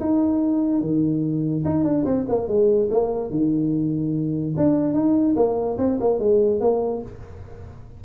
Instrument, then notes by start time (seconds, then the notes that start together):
tuba
0.00 D#4
0.81 D#3
1.65 D#4
1.84 D4
2.05 C4
2.29 A#3
2.48 G#3
2.91 A#3
3.31 D#3
4.57 D4
4.94 D#4
5.36 A#3
5.78 C4
6.01 A#3
6.19 G#3
6.61 A#3